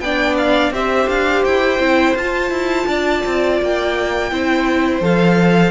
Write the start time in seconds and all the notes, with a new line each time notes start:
0.00 B3 D4 D5 G5
0.37 F5
0.71 C4 G4 C5 E5
1.09 D4 F5
1.44 E4 G5
1.79 C4 E4
2.15 F4 A5
2.50 E4
2.87 D4 D5
3.25 C4
3.61 A#3 G5
4.31 C4 E4 C5
5.00 F3 A4 F5